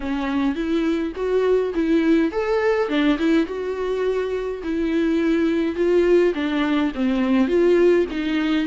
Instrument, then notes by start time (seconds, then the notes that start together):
viola
0.00 C#4
0.55 E4
1.15 F#4
1.74 E4
2.31 A4
2.88 D4
3.18 E4
3.46 F#4
4.63 E4
5.75 F4
6.34 D4
6.94 C4
7.47 F4
8.11 D#4